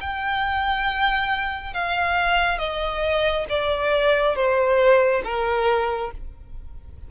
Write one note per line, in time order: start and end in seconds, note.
0.00 1.73 G5
1.73 2.58 F5
2.58 3.45 D#5
3.49 4.35 D5
4.35 5.22 C5
5.24 6.11 A#4